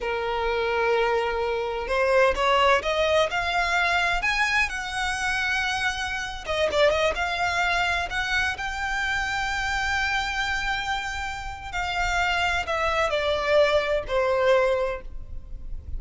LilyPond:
\new Staff \with { instrumentName = "violin" } { \time 4/4 \tempo 4 = 128 ais'1 | c''4 cis''4 dis''4 f''4~ | f''4 gis''4 fis''2~ | fis''4.~ fis''16 dis''8 d''8 dis''8 f''8.~ |
f''4~ f''16 fis''4 g''4.~ g''16~ | g''1~ | g''4 f''2 e''4 | d''2 c''2 | }